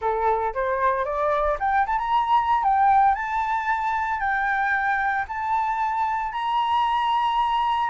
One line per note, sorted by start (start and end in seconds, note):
0.01 0.53 A4
0.54 1.04 C5
1.04 1.57 D5
1.59 1.85 G5
1.86 1.98 A5
1.98 2.63 A#5
2.63 3.14 G5
3.14 4.19 A5
4.19 5.25 G5
5.28 6.32 A5
6.32 7.90 A#5